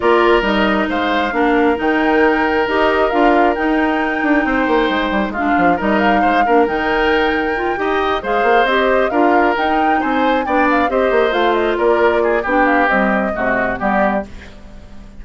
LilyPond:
<<
  \new Staff \with { instrumentName = "flute" } { \time 4/4 \tempo 4 = 135 d''4 dis''4 f''2 | g''2 dis''4 f''4 | g''1 | f''4 dis''8 f''4. g''4~ |
g''2~ g''8 f''4 dis''8~ | dis''8 f''4 g''4 gis''4 g''8 | f''8 dis''4 f''8 dis''8 d''4. | g''8 f''8 dis''2 d''4 | }
  \new Staff \with { instrumentName = "oboe" } { \time 4/4 ais'2 c''4 ais'4~ | ais'1~ | ais'2 c''2 | f'4 ais'4 c''8 ais'4.~ |
ais'4. dis''4 c''4.~ | c''8 ais'2 c''4 d''8~ | d''8 c''2 ais'4 gis'8 | g'2 fis'4 g'4 | }
  \new Staff \with { instrumentName = "clarinet" } { \time 4/4 f'4 dis'2 d'4 | dis'2 g'4 f'4 | dis'1 | d'4 dis'4. d'8 dis'4~ |
dis'4 f'8 g'4 gis'4 g'8~ | g'8 f'4 dis'2 d'8~ | d'8 g'4 f'2~ f'8 | d'4 g4 a4 b4 | }
  \new Staff \with { instrumentName = "bassoon" } { \time 4/4 ais4 g4 gis4 ais4 | dis2 dis'4 d'4 | dis'4. d'8 c'8 ais8 gis8 g8 | gis8 f8 g4 gis8 ais8 dis4~ |
dis4. dis'4 gis8 ais8 c'8~ | c'8 d'4 dis'4 c'4 b8~ | b8 c'8 ais8 a4 ais4. | b4 c'4 c4 g4 | }
>>